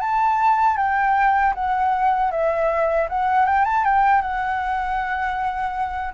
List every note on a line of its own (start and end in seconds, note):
0.00 0.77 A5
0.77 1.53 G5
1.55 2.31 F#5
2.31 3.08 E5
3.09 3.45 F#5
3.45 3.65 G5
3.65 3.84 A5
3.84 4.21 G5
4.21 6.14 F#5